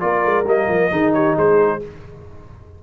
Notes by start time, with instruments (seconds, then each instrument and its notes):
0.00 tuba A#3, trombone F4, horn A#4, trumpet D5
0.25 tuba G#3
0.46 tuba G3, trombone A#3, trumpet D#5
0.69 tuba F3
0.91 tuba D#3, trombone D#4, horn G#4
1.13 horn G4, trumpet C#5
1.36 tuba G#3, horn G#4, trumpet C5